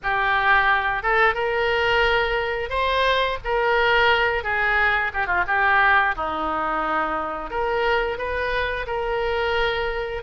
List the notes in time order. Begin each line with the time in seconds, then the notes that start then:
0.02 G4
1.03 A4
1.34 A#4
2.69 C5
3.44 A#4
4.43 G#4
5.13 G4
5.26 F4
5.47 G4
6.15 D#4
7.50 A#4
8.18 B4
8.86 A#4